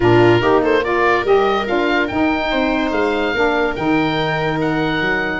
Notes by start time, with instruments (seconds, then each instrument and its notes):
0.00 tuba A#2, saxophone D4, viola F4, oboe A#4
0.39 tuba A#3, saxophone D#4, viola G4
0.62 viola A4, oboe C5
0.83 saxophone F4, viola A#4, oboe D5
1.23 tuba G3, saxophone G4, oboe D#5
1.65 tuba D4, saxophone F4, oboe F5
2.07 saxophone D#4, tuba D#4, oboe G5
2.50 tuba C4, viola C5
2.91 tuba G#3, oboe F5
3.34 tuba A#3, saxophone D4, viola A#4
3.75 tuba D#3, saxophone D#4, oboe G5
4.60 oboe F#5
5.01 tuba F#3